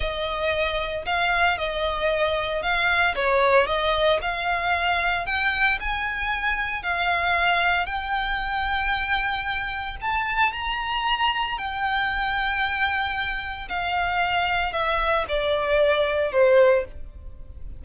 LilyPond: \new Staff \with { instrumentName = "violin" } { \time 4/4 \tempo 4 = 114 dis''2 f''4 dis''4~ | dis''4 f''4 cis''4 dis''4 | f''2 g''4 gis''4~ | gis''4 f''2 g''4~ |
g''2. a''4 | ais''2 g''2~ | g''2 f''2 | e''4 d''2 c''4 | }